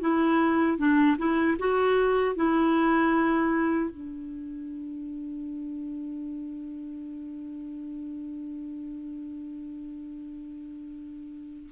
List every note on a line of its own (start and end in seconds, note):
0.00 0.78 E4
0.78 1.17 D4
1.18 1.57 E4
1.58 2.35 F#4
2.35 3.90 E4
3.90 11.70 D4